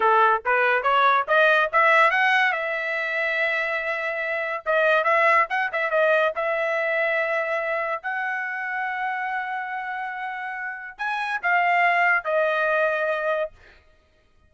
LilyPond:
\new Staff \with { instrumentName = "trumpet" } { \time 4/4 \tempo 4 = 142 a'4 b'4 cis''4 dis''4 | e''4 fis''4 e''2~ | e''2. dis''4 | e''4 fis''8 e''8 dis''4 e''4~ |
e''2. fis''4~ | fis''1~ | fis''2 gis''4 f''4~ | f''4 dis''2. | }